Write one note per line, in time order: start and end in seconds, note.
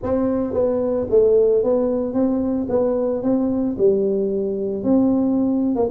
0.02 0.53 C4
0.53 1.07 B3
1.10 1.63 A3
1.63 2.13 B3
2.13 2.67 C4
2.69 3.22 B3
3.22 3.76 C4
3.78 4.83 G3
4.83 5.75 C4
5.75 5.89 A#3